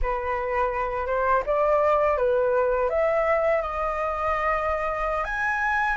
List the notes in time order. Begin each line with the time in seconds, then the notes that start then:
0.02 B4
1.06 C5
1.46 D5
2.17 B4
2.89 E5
3.61 D#5
5.24 G#5